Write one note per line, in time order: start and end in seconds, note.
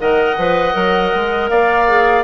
0.00 0.38 D#3
0.00 0.38 A#4
0.00 1.51 D#5
0.00 1.49 F#5
0.38 0.75 F3
0.38 0.74 B4
0.74 1.13 F#3
0.74 1.87 A#4
1.15 1.50 G#3
1.49 2.24 A#3
1.49 2.24 D5
1.49 2.24 F5
1.88 2.24 G#4